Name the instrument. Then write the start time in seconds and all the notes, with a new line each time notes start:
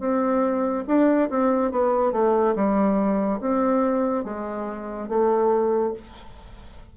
bassoon
0.00 C4
0.88 D4
1.30 C4
1.71 B3
2.12 A3
2.55 G3
3.41 C4
4.24 G#3
5.09 A3